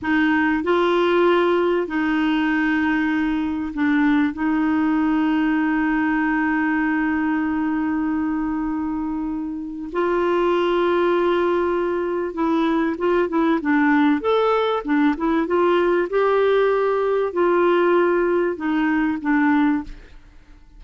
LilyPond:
\new Staff \with { instrumentName = "clarinet" } { \time 4/4 \tempo 4 = 97 dis'4 f'2 dis'4~ | dis'2 d'4 dis'4~ | dis'1~ | dis'1 |
f'1 | e'4 f'8 e'8 d'4 a'4 | d'8 e'8 f'4 g'2 | f'2 dis'4 d'4 | }